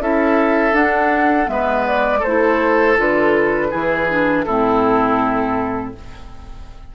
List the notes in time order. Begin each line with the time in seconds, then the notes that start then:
0.00 C#4 E4 A4 E5
0.73 D4 F#5
1.45 G#3 B3 E5
1.52 B4
1.87 D5
2.20 A3 A4 C5
2.27 E4
2.97 D3 F4 B4
3.71 E3 E4 G#4
4.10 D4
4.44 A2 C4 E4 A4